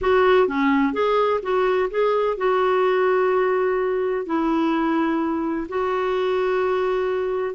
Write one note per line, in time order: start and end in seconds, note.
0.01 0.47 F#4
0.47 0.93 C#4
0.93 1.40 G#4
1.42 1.89 F#4
1.90 2.37 G#4
2.37 4.25 F#4
4.25 5.67 E4
5.68 7.54 F#4